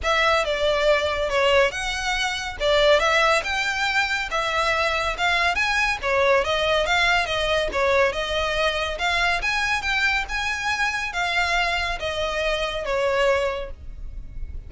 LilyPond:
\new Staff \with { instrumentName = "violin" } { \time 4/4 \tempo 4 = 140 e''4 d''2 cis''4 | fis''2 d''4 e''4 | g''2 e''2 | f''4 gis''4 cis''4 dis''4 |
f''4 dis''4 cis''4 dis''4~ | dis''4 f''4 gis''4 g''4 | gis''2 f''2 | dis''2 cis''2 | }